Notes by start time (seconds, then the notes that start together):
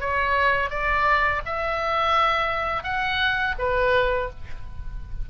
0.00 C#5
0.70 D5
1.45 E5
2.83 F#5
3.58 B4